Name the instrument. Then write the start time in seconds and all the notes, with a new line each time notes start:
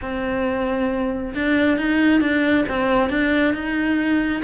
cello
0.01 C4
1.34 D4
1.77 D#4
2.20 D4
2.68 C4
3.09 D4
3.54 D#4